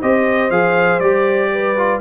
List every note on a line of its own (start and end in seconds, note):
0.00 0.50 C4
0.00 0.52 G4
0.00 1.50 C5
0.00 0.51 D#5
0.50 1.00 F3
0.50 1.02 G#4
0.50 1.00 F5
1.00 2.00 G3
1.00 1.78 G4
1.00 2.00 D5
1.52 2.01 B4
1.78 2.01 F4